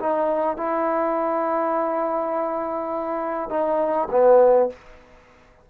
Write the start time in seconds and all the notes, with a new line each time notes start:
0.00 D#4
0.57 E4
3.50 D#4
4.11 B3